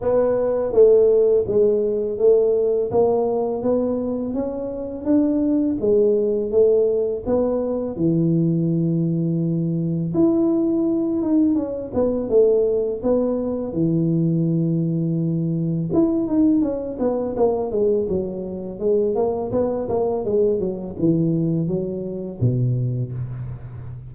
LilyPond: \new Staff \with { instrumentName = "tuba" } { \time 4/4 \tempo 4 = 83 b4 a4 gis4 a4 | ais4 b4 cis'4 d'4 | gis4 a4 b4 e4~ | e2 e'4. dis'8 |
cis'8 b8 a4 b4 e4~ | e2 e'8 dis'8 cis'8 b8 | ais8 gis8 fis4 gis8 ais8 b8 ais8 | gis8 fis8 e4 fis4 b,4 | }